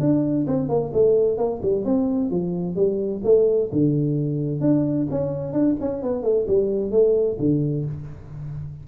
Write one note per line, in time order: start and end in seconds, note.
0.00 0.46 D4
0.47 0.69 C4
0.69 0.92 A#3
0.93 1.38 A3
1.38 1.61 A#3
1.62 1.85 G3
1.85 2.31 C4
2.31 2.76 F3
2.76 3.22 G3
3.24 3.70 A3
3.72 4.61 D3
4.61 5.07 D4
5.11 5.53 C#4
5.53 5.76 D4
5.81 6.03 C#4
6.03 6.23 B3
6.23 6.46 A3
6.48 6.91 G3
6.91 7.37 A3
7.39 7.85 D3